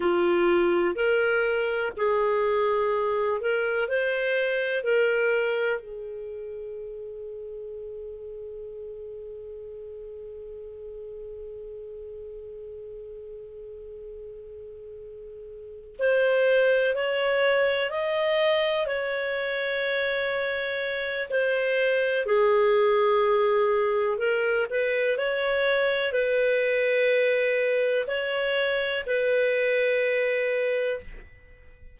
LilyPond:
\new Staff \with { instrumentName = "clarinet" } { \time 4/4 \tempo 4 = 62 f'4 ais'4 gis'4. ais'8 | c''4 ais'4 gis'2~ | gis'1~ | gis'1~ |
gis'8 c''4 cis''4 dis''4 cis''8~ | cis''2 c''4 gis'4~ | gis'4 ais'8 b'8 cis''4 b'4~ | b'4 cis''4 b'2 | }